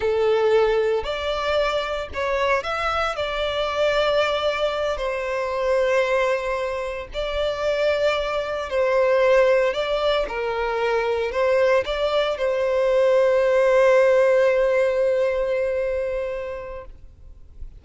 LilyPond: \new Staff \with { instrumentName = "violin" } { \time 4/4 \tempo 4 = 114 a'2 d''2 | cis''4 e''4 d''2~ | d''4. c''2~ c''8~ | c''4. d''2~ d''8~ |
d''8 c''2 d''4 ais'8~ | ais'4. c''4 d''4 c''8~ | c''1~ | c''1 | }